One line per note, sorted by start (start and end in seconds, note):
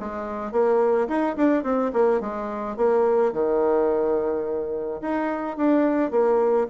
0.00 0.52 G#3
0.52 1.08 A#3
1.08 1.36 D#4
1.37 1.64 D4
1.64 1.92 C4
1.93 2.21 A#3
2.21 2.77 G#3
2.77 3.33 A#3
3.33 5.01 D#3
5.01 5.57 D#4
5.57 6.11 D4
6.11 6.67 A#3